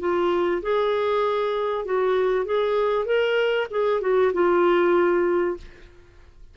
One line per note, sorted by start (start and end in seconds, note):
0.00 0.62 F4
0.63 1.85 G#4
1.85 2.46 F#4
2.46 3.06 G#4
3.06 3.67 A#4
3.71 4.01 G#4
4.01 4.32 F#4
4.34 5.57 F4